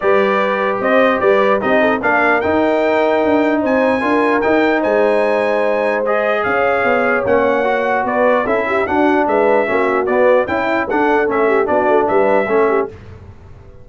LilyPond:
<<
  \new Staff \with { instrumentName = "trumpet" } { \time 4/4 \tempo 4 = 149 d''2 dis''4 d''4 | dis''4 f''4 g''2~ | g''4 gis''2 g''4 | gis''2. dis''4 |
f''2 fis''2 | d''4 e''4 fis''4 e''4~ | e''4 d''4 g''4 fis''4 | e''4 d''4 e''2 | }
  \new Staff \with { instrumentName = "horn" } { \time 4/4 b'2 c''4 b'4 | g'8 a'8 ais'2.~ | ais'4 c''4 ais'2 | c''1 |
cis''1 | b'4 a'8 g'8 fis'4 b'4 | fis'2 e'4 a'4~ | a'8 g'8 fis'4 b'4 a'8 g'8 | }
  \new Staff \with { instrumentName = "trombone" } { \time 4/4 g'1 | dis'4 d'4 dis'2~ | dis'2 f'4 dis'4~ | dis'2. gis'4~ |
gis'2 cis'4 fis'4~ | fis'4 e'4 d'2 | cis'4 b4 e'4 d'4 | cis'4 d'2 cis'4 | }
  \new Staff \with { instrumentName = "tuba" } { \time 4/4 g2 c'4 g4 | c'4 ais4 dis'2 | d'4 c'4 d'4 dis'4 | gis1 |
cis'4 b4 ais2 | b4 cis'4 d'4 gis4 | ais4 b4 cis'4 d'4 | a4 b8 a8 g4 a4 | }
>>